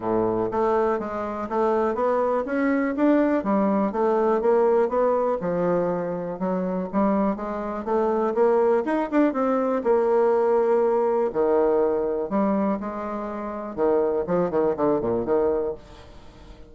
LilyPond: \new Staff \with { instrumentName = "bassoon" } { \time 4/4 \tempo 4 = 122 a,4 a4 gis4 a4 | b4 cis'4 d'4 g4 | a4 ais4 b4 f4~ | f4 fis4 g4 gis4 |
a4 ais4 dis'8 d'8 c'4 | ais2. dis4~ | dis4 g4 gis2 | dis4 f8 dis8 d8 ais,8 dis4 | }